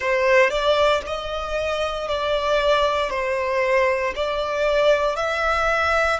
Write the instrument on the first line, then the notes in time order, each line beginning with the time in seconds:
violin
0.00 C5
0.49 D5
1.06 D#5
2.08 D5
3.10 C5
4.15 D5
5.16 E5